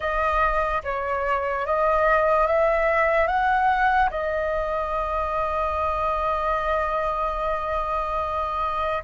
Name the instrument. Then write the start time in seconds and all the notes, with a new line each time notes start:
flute
0.00 D#5
0.83 C#5
1.66 D#5
2.46 E5
3.27 F#5
4.10 D#5